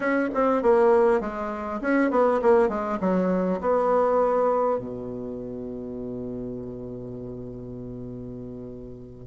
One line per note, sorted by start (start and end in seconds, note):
0.00 0.29 C#4
0.34 0.62 C4
0.62 1.20 A#3
1.20 1.80 G#3
1.81 2.10 C#4
2.10 2.40 B3
2.42 2.68 A#3
2.68 2.98 G#3
3.00 3.60 F#3
3.60 4.78 B3
4.78 9.27 B2